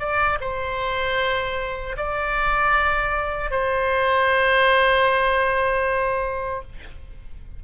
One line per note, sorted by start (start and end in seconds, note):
0.00 0.39 D5
0.41 1.97 C5
1.97 3.51 D5
3.51 6.63 C5